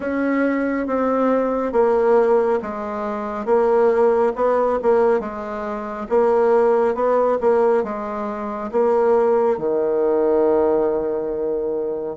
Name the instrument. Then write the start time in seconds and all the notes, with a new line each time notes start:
bassoon
0.00 C#4
0.87 C4
1.72 A#3
2.61 G#3
3.45 A#3
4.35 B3
4.82 A#3
5.20 G#3
6.09 A#3
6.94 B3
7.41 A#3
7.83 G#3
8.72 A#3
9.57 D#3